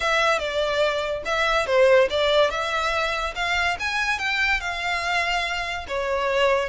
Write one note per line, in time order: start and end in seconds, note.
0.00 0.38 E5
0.38 1.22 D5
1.25 1.66 E5
1.66 2.08 C5
2.10 2.50 D5
2.50 3.34 E5
3.35 3.77 F5
3.79 4.18 G#5
4.18 4.60 G5
4.60 5.86 F5
5.88 6.69 C#5